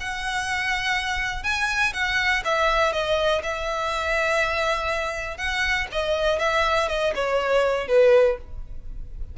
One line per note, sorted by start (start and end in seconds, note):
0.00 1.43 F#5
1.43 1.93 G#5
1.93 2.43 F#5
2.44 2.92 E5
2.92 3.42 D#5
3.43 5.37 E5
5.37 5.87 F#5
5.92 6.39 D#5
6.39 6.88 E5
6.88 7.13 D#5
7.15 7.88 C#5
7.88 8.37 B4